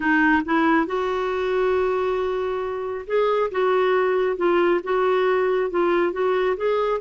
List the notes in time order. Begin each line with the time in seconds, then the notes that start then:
0.00 D#4
0.45 E4
0.86 F#4
3.06 G#4
3.51 F#4
4.37 F4
4.83 F#4
5.70 F4
6.12 F#4
6.57 G#4